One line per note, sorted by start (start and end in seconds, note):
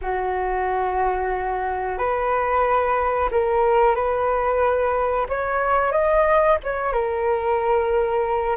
0.01 1.98 F#4
1.98 3.29 B4
3.31 3.95 A#4
3.95 5.27 B4
5.29 5.92 C#5
5.92 6.58 D#5
6.63 6.92 C#5
6.92 8.56 A#4